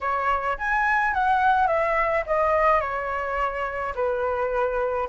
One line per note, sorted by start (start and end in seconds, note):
0.01 0.57 C#5
0.58 1.13 G#5
1.13 1.67 F#5
1.67 2.24 E5
2.26 2.80 D#5
2.80 3.93 C#5
3.95 5.08 B4